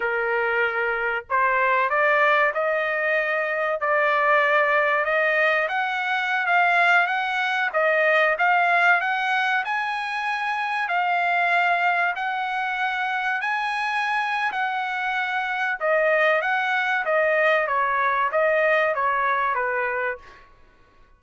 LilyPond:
\new Staff \with { instrumentName = "trumpet" } { \time 4/4 \tempo 4 = 95 ais'2 c''4 d''4 | dis''2 d''2 | dis''4 fis''4~ fis''16 f''4 fis''8.~ | fis''16 dis''4 f''4 fis''4 gis''8.~ |
gis''4~ gis''16 f''2 fis''8.~ | fis''4~ fis''16 gis''4.~ gis''16 fis''4~ | fis''4 dis''4 fis''4 dis''4 | cis''4 dis''4 cis''4 b'4 | }